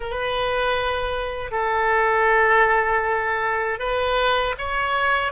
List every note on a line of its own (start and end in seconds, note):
0.00 1.51 B4
1.51 3.79 A4
3.79 4.55 B4
4.57 5.32 C#5